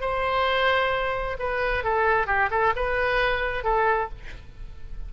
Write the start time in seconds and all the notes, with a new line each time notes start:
0.00 C5
1.38 B4
1.83 A4
2.26 G4
2.50 A4
2.75 B4
3.63 A4